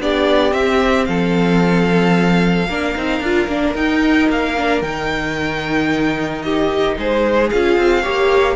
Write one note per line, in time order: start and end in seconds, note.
0.00 0.54 B3
0.00 0.52 D4
0.00 1.08 G4
0.00 0.53 D5
0.52 2.66 C4
0.52 1.07 C4
0.52 1.06 E5
1.06 2.68 F3
1.06 2.69 A4
1.06 3.74 F5
2.68 2.95 A#3
2.68 2.96 D4
2.68 6.44 A#4
2.96 3.21 C4
2.96 3.23 D#4
3.21 3.47 D4
3.21 3.49 F4
3.48 3.75 A#3
3.48 3.76 D4
3.75 4.29 D#4
3.75 4.56 D#4
3.75 4.29 G5
4.29 4.82 A#3
4.29 4.82 F5
4.57 4.84 D4
4.82 6.96 D#3
4.82 7.51 D#4
4.82 6.42 G5
6.42 6.98 G4
6.42 6.96 D#5
6.98 7.51 G#3
6.98 8.03 G#4
6.98 7.50 C5
7.50 7.77 C#4
7.50 8.03 F4
7.50 8.56 F5
7.77 8.04 C4
8.03 8.56 A#3
8.03 8.56 G4
8.03 8.56 C#5